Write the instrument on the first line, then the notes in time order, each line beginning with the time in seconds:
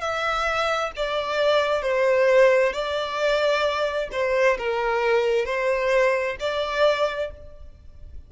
violin
0.00 E5
0.96 D5
1.82 C5
2.72 D5
4.12 C5
4.57 A#4
5.45 C5
6.39 D5